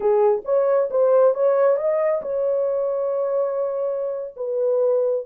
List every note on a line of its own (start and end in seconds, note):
0.00 0.42 G#4
0.44 0.89 C#5
0.90 1.34 C5
1.34 1.76 C#5
1.76 2.21 D#5
2.22 4.34 C#5
4.36 5.26 B4